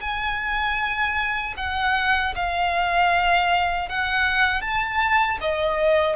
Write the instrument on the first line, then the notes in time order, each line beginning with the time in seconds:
violin
0.00 G#5
1.57 F#5
2.35 F5
3.89 F#5
4.61 A5
5.41 D#5